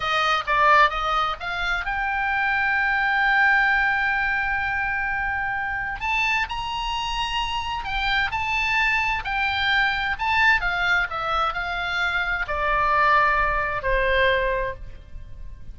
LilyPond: \new Staff \with { instrumentName = "oboe" } { \time 4/4 \tempo 4 = 130 dis''4 d''4 dis''4 f''4 | g''1~ | g''1~ | g''4 a''4 ais''2~ |
ais''4 g''4 a''2 | g''2 a''4 f''4 | e''4 f''2 d''4~ | d''2 c''2 | }